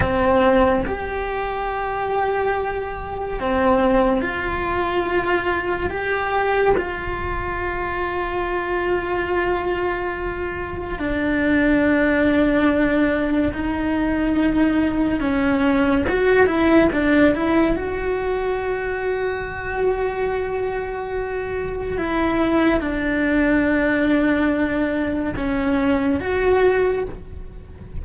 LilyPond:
\new Staff \with { instrumentName = "cello" } { \time 4/4 \tempo 4 = 71 c'4 g'2. | c'4 f'2 g'4 | f'1~ | f'4 d'2. |
dis'2 cis'4 fis'8 e'8 | d'8 e'8 fis'2.~ | fis'2 e'4 d'4~ | d'2 cis'4 fis'4 | }